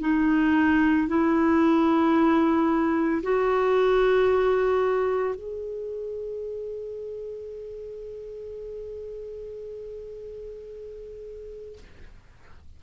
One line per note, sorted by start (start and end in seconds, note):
0.00 1.07 D#4
1.07 3.21 E4
3.22 5.35 F#4
5.35 11.78 G#4